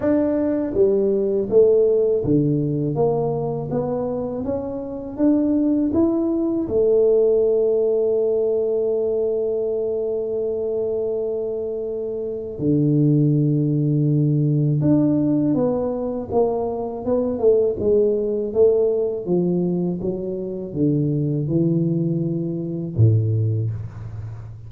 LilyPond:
\new Staff \with { instrumentName = "tuba" } { \time 4/4 \tempo 4 = 81 d'4 g4 a4 d4 | ais4 b4 cis'4 d'4 | e'4 a2.~ | a1~ |
a4 d2. | d'4 b4 ais4 b8 a8 | gis4 a4 f4 fis4 | d4 e2 a,4 | }